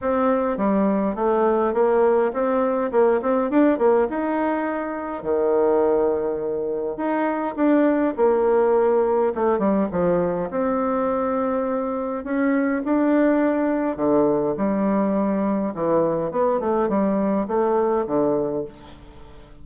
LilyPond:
\new Staff \with { instrumentName = "bassoon" } { \time 4/4 \tempo 4 = 103 c'4 g4 a4 ais4 | c'4 ais8 c'8 d'8 ais8 dis'4~ | dis'4 dis2. | dis'4 d'4 ais2 |
a8 g8 f4 c'2~ | c'4 cis'4 d'2 | d4 g2 e4 | b8 a8 g4 a4 d4 | }